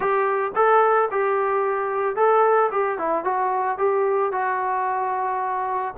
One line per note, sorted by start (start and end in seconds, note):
0.00 0.51 G4
0.55 1.09 A4
1.11 2.15 G4
2.15 2.70 A4
2.71 2.98 G4
2.98 3.24 E4
3.24 3.78 F#4
3.78 4.32 G4
4.32 5.94 F#4